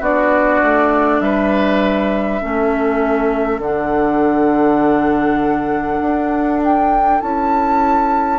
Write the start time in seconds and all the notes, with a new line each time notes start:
0.00 B3 D4 F#4 D5
0.63 A3
1.21 G3 B4 E5
2.42 A3 C#4 A4
3.60 D3 D4 F#5
6.02 D4
6.64 G5
7.20 C#4 E4 A5